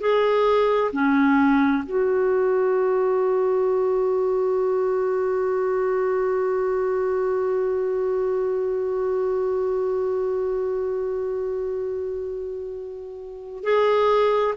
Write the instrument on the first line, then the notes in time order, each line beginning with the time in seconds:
clarinet
0.00 G#4
0.93 C#4
1.86 F#4
13.64 G#4